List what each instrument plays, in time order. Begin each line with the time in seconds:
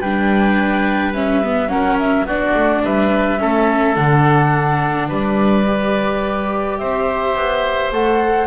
0.00 double bass G3, viola D4, oboe B4, flute G5
1.14 viola C#4, flute E5
1.44 viola B3
1.69 double bass F#3, viola C#4, oboe A#4, flute F#5
1.99 flute E5
2.25 double bass B3, viola D4, oboe F#4, flute D5
2.55 double bass A3
2.84 double bass G3, oboe B4, flute E5
3.39 double bass A3, viola C#4, oboe A4
3.95 double bass D3, viola D4, flute F#5
5.08 double bass G3, oboe B4, flute D5
5.67 viola G4
6.78 double bass C4, oboe C5, flute E5
7.36 double bass B3
7.92 double bass A3, viola A4, flute F#5